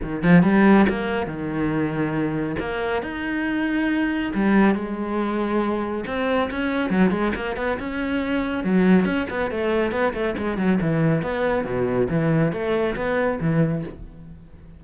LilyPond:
\new Staff \with { instrumentName = "cello" } { \time 4/4 \tempo 4 = 139 dis8 f8 g4 ais4 dis4~ | dis2 ais4 dis'4~ | dis'2 g4 gis4~ | gis2 c'4 cis'4 |
fis8 gis8 ais8 b8 cis'2 | fis4 cis'8 b8 a4 b8 a8 | gis8 fis8 e4 b4 b,4 | e4 a4 b4 e4 | }